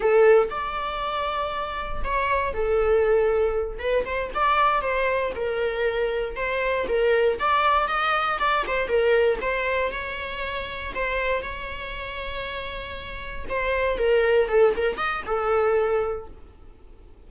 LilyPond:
\new Staff \with { instrumentName = "viola" } { \time 4/4 \tempo 4 = 118 a'4 d''2. | cis''4 a'2~ a'8 b'8 | c''8 d''4 c''4 ais'4.~ | ais'8 c''4 ais'4 d''4 dis''8~ |
dis''8 d''8 c''8 ais'4 c''4 cis''8~ | cis''4. c''4 cis''4.~ | cis''2~ cis''8 c''4 ais'8~ | ais'8 a'8 ais'8 dis''8 a'2 | }